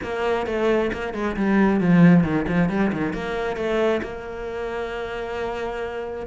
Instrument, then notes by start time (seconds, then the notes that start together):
cello
0.03 A#3
0.46 A3
0.93 A#3
1.13 G#3
1.36 G3
1.80 F3
2.23 D#3
2.47 F3
2.69 G3
2.92 D#3
3.13 A#3
3.56 A3
4.02 A#3